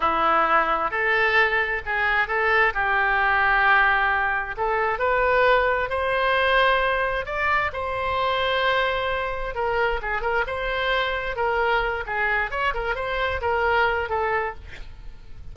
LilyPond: \new Staff \with { instrumentName = "oboe" } { \time 4/4 \tempo 4 = 132 e'2 a'2 | gis'4 a'4 g'2~ | g'2 a'4 b'4~ | b'4 c''2. |
d''4 c''2.~ | c''4 ais'4 gis'8 ais'8 c''4~ | c''4 ais'4. gis'4 cis''8 | ais'8 c''4 ais'4. a'4 | }